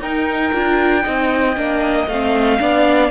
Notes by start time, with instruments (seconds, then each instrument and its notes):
0.00 cello D#4, viola D#4, violin A#4 G5
0.53 cello D4, viola F4
1.04 cello C4, viola D#4, violin D#5
1.57 cello A#3, viola D4
2.08 cello A3, viola C4, violin F5
2.60 cello B3, viola D4, violin D5